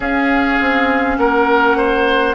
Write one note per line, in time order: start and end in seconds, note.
0.00 0.58 C#4
0.00 2.34 C#4
0.00 1.17 G#4
0.00 1.18 F5
0.61 1.17 C4
1.17 2.34 A#3
1.17 1.77 A#4
1.17 2.34 F#5
1.77 2.34 C5